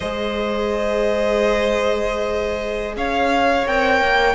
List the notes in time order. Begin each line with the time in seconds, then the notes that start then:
0.00 G#3 G#4 C5 D#5
2.96 C#4 C#5 F5
3.66 C4 A#4 G5
4.01 A#3